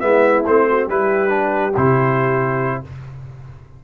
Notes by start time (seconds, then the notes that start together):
0.00 G#3 B3 E4 E5
0.46 A3 C4 C5
0.70 F#4
0.86 G3 E4 G4 B4
1.29 D4
1.76 C3 E4 C5